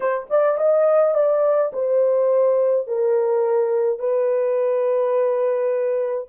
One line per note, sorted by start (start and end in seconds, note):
0.00 0.27 C5
0.30 0.57 D5
0.57 1.14 D#5
1.14 1.71 D5
1.72 2.87 C5
2.87 3.99 A#4
3.99 6.27 B4